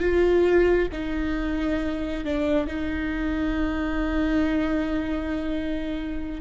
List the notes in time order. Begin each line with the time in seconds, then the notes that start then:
0.00 F4
0.93 D#4
2.25 D4
2.68 D#4